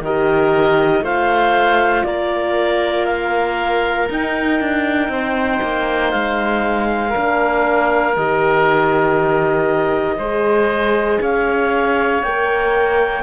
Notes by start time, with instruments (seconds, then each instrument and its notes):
0.00 cello D#3, horn G4, oboe A#4, clarinet D#5
1.01 cello A3, horn F4, oboe C5, clarinet F5
2.04 cello A#3, oboe A#4, clarinet D5
3.06 clarinet F5
4.10 cello D#4, horn D#4, clarinet G5
4.60 cello D4
5.08 cello C4, oboe C5
5.62 cello A#3
6.11 cello G#3, clarinet F5
7.10 horn D4, oboe A#4
7.16 cello A#3
8.16 cello D#3, horn G4, clarinet D#5
10.17 cello G#3, horn G#4, oboe C5
11.21 cello C#4, oboe C#5, clarinet F5
12.23 cello A#3, horn A#4, clarinet G5